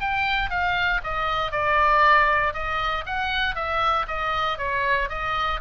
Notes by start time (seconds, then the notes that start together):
0.00 G5
0.50 F5
1.03 D#5
1.51 D5
2.53 D#5
3.06 F#5
3.55 E5
4.07 D#5
4.58 C#5
5.09 D#5